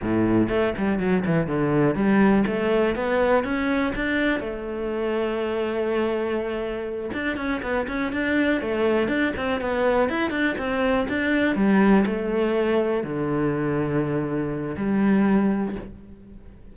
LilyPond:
\new Staff \with { instrumentName = "cello" } { \time 4/4 \tempo 4 = 122 a,4 a8 g8 fis8 e8 d4 | g4 a4 b4 cis'4 | d'4 a2.~ | a2~ a8 d'8 cis'8 b8 |
cis'8 d'4 a4 d'8 c'8 b8~ | b8 e'8 d'8 c'4 d'4 g8~ | g8 a2 d4.~ | d2 g2 | }